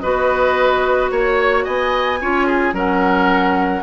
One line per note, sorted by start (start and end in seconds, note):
0.00 1.11 B3
0.00 2.20 F#4
0.00 1.11 B4
0.00 1.09 D#5
1.11 1.65 A#3
1.11 1.64 C#5
1.11 1.65 C#5
1.64 2.21 B3
1.64 2.19 D#5
1.64 2.74 G#5
2.21 2.73 C#4
2.21 2.74 F4
2.21 2.47 C#5
2.47 2.74 G#4
2.73 3.82 F#3
2.73 3.83 C#4
2.73 3.83 A#4
2.73 3.83 F#5